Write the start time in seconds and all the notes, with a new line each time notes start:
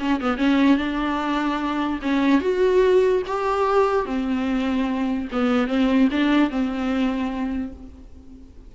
0.00 C#4
0.21 B3
0.38 C#4
0.78 D4
2.02 C#4
2.41 F#4
3.27 G4
4.06 C4
5.32 B3
5.68 C4
6.12 D4
6.50 C4